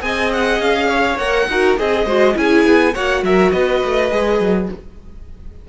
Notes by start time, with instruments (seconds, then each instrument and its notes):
0.00 cello C4, viola G#4, violin D#5 G#5
0.32 violin F#5
0.59 cello C#4, violin F5
0.88 violin C#5
1.17 cello A#3, viola A#4, violin F#5
1.48 cello D#4, viola F#4, violin A#4
1.77 cello C4, viola G#4, violin G#4 D#5
2.05 cello G#3, viola F#4, violin C5
2.34 cello C#4, viola E4, violin G#4 G#5
2.65 cello B3
2.93 cello A#3, viola F#4, violin C#5 F#5
3.22 cello F#3, violin A#4 E5
3.51 cello B3, violin B4 D#5
3.84 cello A3
4.10 cello G#3, viola G#4
4.39 cello F#3